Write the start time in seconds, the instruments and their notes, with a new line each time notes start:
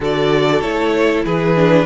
0.00 cello D3, viola F#4, violin A4 D5
0.61 cello A3, viola E4, violin C#5
1.24 cello E3, violin G#4 B4
1.55 viola D4